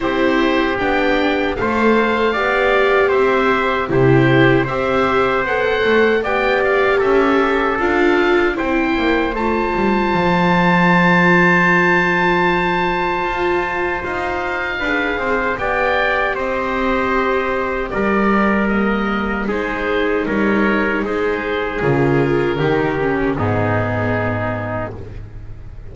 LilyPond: <<
  \new Staff \with { instrumentName = "oboe" } { \time 4/4 \tempo 4 = 77 c''4 g''4 f''2 | e''4 c''4 e''4 fis''4 | g''8 f''8 e''4 f''4 g''4 | a''1~ |
a''2 f''2 | g''4 dis''2 d''4 | dis''4 c''4 cis''4 c''4 | ais'2 gis'2 | }
  \new Staff \with { instrumentName = "trumpet" } { \time 4/4 g'2 c''4 d''4 | c''4 g'4 c''2 | d''4 a'2 c''4~ | c''1~ |
c''2. b'8 c''8 | d''4 c''2 ais'4~ | ais'4 gis'4 ais'4 gis'4~ | gis'4 g'4 dis'2 | }
  \new Staff \with { instrumentName = "viola" } { \time 4/4 e'4 d'4 a'4 g'4~ | g'4 e'4 g'4 a'4 | g'2 f'4 e'4 | f'1~ |
f'2. gis'4 | g'1 | ais4 dis'2. | f'4 dis'8 cis'8 b2 | }
  \new Staff \with { instrumentName = "double bass" } { \time 4/4 c'4 b4 a4 b4 | c'4 c4 c'4 b8 a8 | b4 cis'4 d'4 c'8 ais8 | a8 g8 f2.~ |
f4 f'4 dis'4 d'8 c'8 | b4 c'2 g4~ | g4 gis4 g4 gis4 | cis4 dis4 gis,2 | }
>>